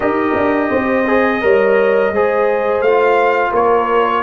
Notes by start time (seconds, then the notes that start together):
0.00 D#4 G4 A#4 D#5
0.35 D4
0.69 C4 C5
1.07 G#4
1.41 G3 A#4 C#5
2.11 G#3 G#4 C5
2.80 A3 F4 F5
3.51 A#3 A#4 C#5